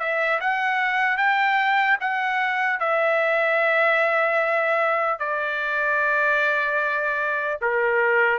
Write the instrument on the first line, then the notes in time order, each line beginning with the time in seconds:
trumpet
0.00 E5
0.41 F#5
1.18 G5
2.01 F#5
2.80 E5
5.19 D5
7.62 A#4